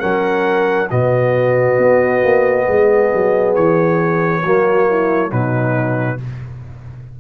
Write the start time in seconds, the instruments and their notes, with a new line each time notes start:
0.00 tuba F#3, trombone C#4, horn A#4, trumpet F#5
0.90 tuba B2, trombone B3, horn F#4, trumpet D#5
1.78 tuba B3
2.23 tuba A#3
2.67 tuba G#3, horn G#4
3.14 tuba F#3
3.55 tuba E3, trumpet C#5
4.42 tuba F#3, trombone A#3, horn F#4
4.89 horn E4
5.30 tuba B2, trombone F#3, horn D#4, trumpet B4